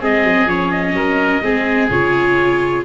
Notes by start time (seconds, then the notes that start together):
0.00 G#3 C4 G#4 D#5
0.24 F#3
0.47 F3 C#4 C#5
0.72 D#5
0.94 F#3 A#4
1.42 G#3 C4 G#4
1.90 C#3 F4 C#5